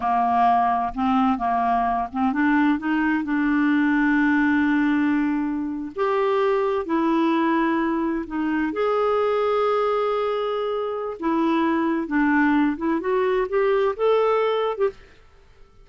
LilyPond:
\new Staff \with { instrumentName = "clarinet" } { \time 4/4 \tempo 4 = 129 ais2 c'4 ais4~ | ais8 c'8 d'4 dis'4 d'4~ | d'1~ | d'8. g'2 e'4~ e'16~ |
e'4.~ e'16 dis'4 gis'4~ gis'16~ | gis'1 | e'2 d'4. e'8 | fis'4 g'4 a'4.~ a'16 g'16 | }